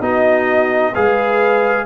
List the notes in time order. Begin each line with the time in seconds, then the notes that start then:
0.00 B3 D#4 F#4 D#5
0.93 G#3 G#4 B4 F5